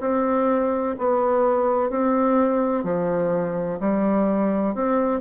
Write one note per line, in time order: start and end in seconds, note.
0.00 0.95 C4
0.98 1.90 B3
1.90 2.84 C4
2.84 3.79 F3
3.80 4.74 G3
4.74 5.20 C4